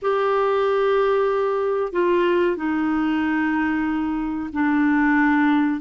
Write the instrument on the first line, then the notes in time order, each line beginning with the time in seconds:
clarinet
0.02 G4
1.92 F4
2.56 D#4
4.52 D4